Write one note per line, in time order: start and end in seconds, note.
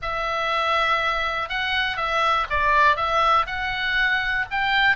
0.02 1.49 E5
1.49 1.96 F#5
1.96 2.46 E5
2.50 2.96 D5
2.96 3.46 E5
3.46 4.45 F#5
4.50 4.96 G5